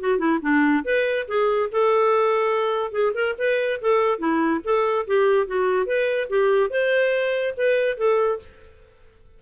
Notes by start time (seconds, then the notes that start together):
0.00 F#4
0.18 E4
0.42 D4
0.85 B4
1.28 G#4
1.72 A4
2.92 G#4
3.14 A#4
3.39 B4
3.81 A4
4.19 E4
4.64 A4
5.07 G4
5.47 F#4
5.86 B4
6.29 G4
6.70 C5
7.57 B4
7.98 A4